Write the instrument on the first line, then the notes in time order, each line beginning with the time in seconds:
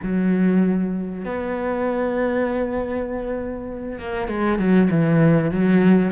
cello
0.02 F#3
1.24 B3
3.99 A#3
4.28 G#3
4.58 F#3
4.90 E3
5.51 F#3